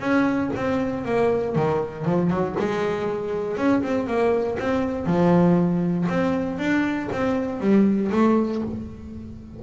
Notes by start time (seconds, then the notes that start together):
0.00 C#4
0.56 C4
1.05 A#3
1.56 D#3
2.05 F3
2.31 F#3
2.59 G#3
3.57 C#4
3.83 C4
4.07 A#3
4.60 C4
5.06 F3
6.09 C4
6.59 D4
7.13 C4
7.60 G3
8.12 A3